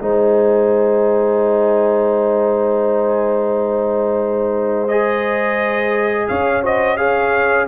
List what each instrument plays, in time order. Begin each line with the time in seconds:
0.00 tuba G#3, trombone D#4, horn C5, trumpet G#5
4.88 trombone G#4, trumpet D#5
6.28 tuba C#4, horn C#5, trumpet F5
6.63 trombone F#4, horn C5, trumpet D#5
6.98 trombone G#4, horn C#5, trumpet F5